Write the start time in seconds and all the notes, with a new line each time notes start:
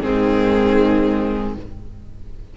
0.00 G#2 D#3 C4 G#4